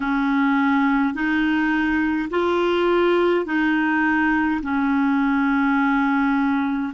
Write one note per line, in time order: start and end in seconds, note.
0.00 1.13 C#4
1.13 2.29 D#4
2.30 3.45 F4
3.45 4.60 D#4
4.62 6.93 C#4